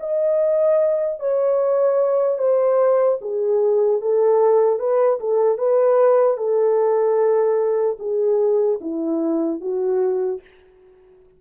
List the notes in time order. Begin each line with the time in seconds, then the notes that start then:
0.00 D#5
1.20 C#5
2.38 C5
3.21 G#4
4.01 A4
4.79 B4
5.20 A4
5.58 B4
6.37 A4
7.99 G#4
8.81 E4
9.61 F#4